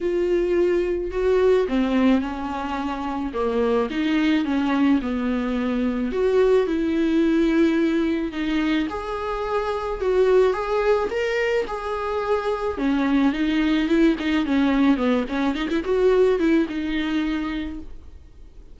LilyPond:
\new Staff \with { instrumentName = "viola" } { \time 4/4 \tempo 4 = 108 f'2 fis'4 c'4 | cis'2 ais4 dis'4 | cis'4 b2 fis'4 | e'2. dis'4 |
gis'2 fis'4 gis'4 | ais'4 gis'2 cis'4 | dis'4 e'8 dis'8 cis'4 b8 cis'8 | dis'16 e'16 fis'4 e'8 dis'2 | }